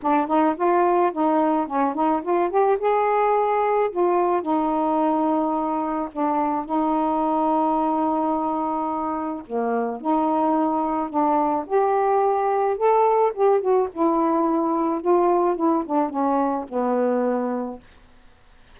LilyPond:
\new Staff \with { instrumentName = "saxophone" } { \time 4/4 \tempo 4 = 108 d'8 dis'8 f'4 dis'4 cis'8 dis'8 | f'8 g'8 gis'2 f'4 | dis'2. d'4 | dis'1~ |
dis'4 ais4 dis'2 | d'4 g'2 a'4 | g'8 fis'8 e'2 f'4 | e'8 d'8 cis'4 b2 | }